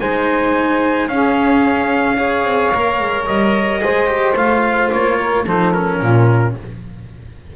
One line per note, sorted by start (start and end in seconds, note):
0.00 1.08 G#3
0.00 1.09 D#4
0.00 1.10 C5
0.00 1.08 G#5
1.08 2.44 C#4
1.08 2.18 C#4
1.08 2.17 G#4
1.08 3.27 F5
2.17 2.72 G#4
2.17 3.81 C#5
2.44 2.71 C4
2.75 3.00 A#3
2.75 3.81 A#4
3.00 3.27 G#3
3.27 3.83 G3
3.27 4.36 D#5
3.81 4.35 G#3
3.81 4.07 G#4
3.81 5.19 C5
4.07 4.35 G4
4.35 4.90 A3
4.35 5.45 F4
4.35 4.92 F5
4.92 5.47 A#3
4.92 5.47 C#5
5.19 5.44 A#4
5.44 6.01 F3
5.44 5.74 D#4
5.44 5.99 A4
5.44 5.73 C5
5.73 6.56 C#4
5.73 6.55 A#4
6.00 6.56 A#2
6.00 6.55 F4